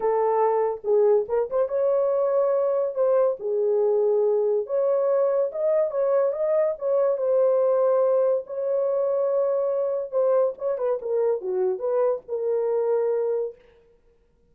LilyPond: \new Staff \with { instrumentName = "horn" } { \time 4/4 \tempo 4 = 142 a'2 gis'4 ais'8 c''8 | cis''2. c''4 | gis'2. cis''4~ | cis''4 dis''4 cis''4 dis''4 |
cis''4 c''2. | cis''1 | c''4 cis''8 b'8 ais'4 fis'4 | b'4 ais'2. | }